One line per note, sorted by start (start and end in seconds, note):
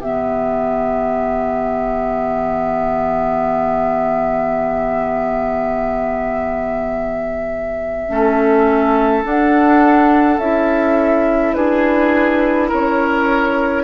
0.00 8.09 E3
0.00 8.09 B3
0.00 8.08 G4
0.00 9.25 E5
8.09 9.25 A3
8.09 9.24 C#4
8.09 11.56 A4
9.24 10.39 D4
9.24 10.38 D4
9.24 10.39 F#5
10.38 11.54 C#4
10.38 13.83 E4
10.38 11.54 E5
11.54 12.71 D4
11.54 12.68 G#4
11.54 12.69 B4
12.68 13.83 C#4
12.68 13.83 A#4
12.68 13.83 C#5